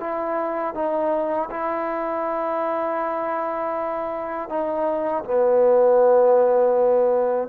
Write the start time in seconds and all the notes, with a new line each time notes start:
0.00 E4
0.74 D#4
1.50 E4
4.49 D#4
5.24 B3